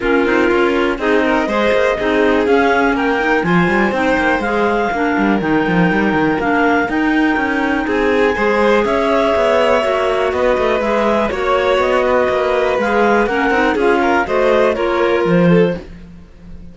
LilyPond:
<<
  \new Staff \with { instrumentName = "clarinet" } { \time 4/4 \tempo 4 = 122 ais'2 dis''2~ | dis''4 f''4 g''4 gis''4 | g''4 f''2 g''4~ | g''4 f''4 g''2 |
gis''2 e''2~ | e''4 dis''4 e''4 cis''4 | dis''2 f''4 fis''4 | f''4 dis''4 cis''4 c''4 | }
  \new Staff \with { instrumentName = "violin" } { \time 4/4 f'2 gis'8 ais'8 c''4 | gis'2 ais'4 c''4~ | c''2 ais'2~ | ais'1 |
gis'4 c''4 cis''2~ | cis''4 b'2 cis''4~ | cis''8 b'2~ b'8 ais'4 | gis'8 ais'8 c''4 ais'4. a'8 | }
  \new Staff \with { instrumentName = "clarinet" } { \time 4/4 cis'8 dis'8 f'4 dis'4 gis'4 | dis'4 cis'4. dis'8 f'4 | dis'4 gis'4 d'4 dis'4~ | dis'4 d'4 dis'2~ |
dis'4 gis'2. | fis'2 gis'4 fis'4~ | fis'2 gis'4 cis'8 dis'8 | f'4 fis'4 f'2 | }
  \new Staff \with { instrumentName = "cello" } { \time 4/4 ais8 c'8 cis'4 c'4 gis8 ais8 | c'4 cis'4 ais4 f8 g8 | c'8 ais8 gis4 ais8 g8 dis8 f8 | g8 dis8 ais4 dis'4 cis'4 |
c'4 gis4 cis'4 b4 | ais4 b8 a8 gis4 ais4 | b4 ais4 gis4 ais8 c'8 | cis'4 a4 ais4 f4 | }
>>